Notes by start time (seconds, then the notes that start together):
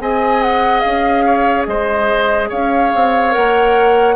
0.00 C4 G#4 D#5 G#5
0.42 F#5
0.80 C#4 F5
1.25 C#5
1.66 G#3 C5 D#5
2.50 C#4 C#5 F5
2.95 C4
3.31 A#3 A#4 F#5